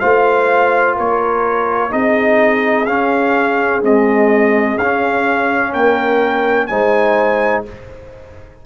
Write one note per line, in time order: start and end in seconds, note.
0.00 0.98 A3
0.00 1.90 F4
0.00 0.96 C5
0.00 0.95 F5
0.96 1.93 A#3
0.96 1.91 A#4
0.96 1.93 C#5
1.90 2.87 C4
1.90 2.86 D#4
1.90 5.73 G#4
1.90 2.86 D#5
2.86 3.83 C#4
2.86 3.82 C#4
2.86 3.81 F5
3.82 4.78 G#3
3.82 4.78 C4
3.82 4.78 D#5
4.78 5.74 C#4
4.78 6.70 C#4
4.78 5.73 F5
5.73 6.69 A#3
5.73 6.68 A#4
5.73 6.67 G5
6.67 7.66 G#3
6.67 7.65 D#4
6.67 7.65 C5
6.67 7.62 G#5